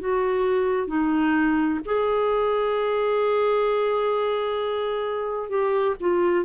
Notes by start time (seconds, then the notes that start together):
0.00 F#4
0.88 D#4
1.85 G#4
5.50 G4
6.00 F4